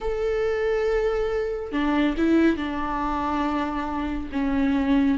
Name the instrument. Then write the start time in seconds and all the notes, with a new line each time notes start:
viola
0.01 A4
1.72 D4
2.17 E4
2.56 D4
4.31 C#4